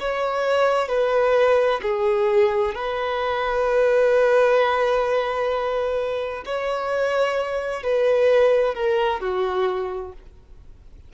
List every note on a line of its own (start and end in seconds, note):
0.00 0.88 C#5
0.88 1.80 B4
1.83 2.75 G#4
2.75 6.44 B4
6.46 7.83 C#5
7.83 8.75 B4
8.75 9.21 A#4
9.21 10.13 F#4